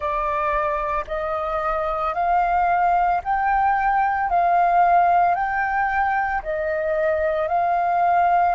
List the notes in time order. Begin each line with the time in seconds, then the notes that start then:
0.00 D5
1.07 D#5
2.14 F5
3.24 G5
4.29 F5
5.35 G5
6.42 D#5
7.48 F5